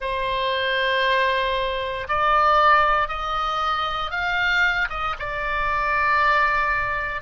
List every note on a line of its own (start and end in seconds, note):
0.00 2.07 C5
2.08 3.08 D5
3.08 4.11 D#5
4.11 4.88 F5
4.89 5.15 D#5
5.19 7.21 D5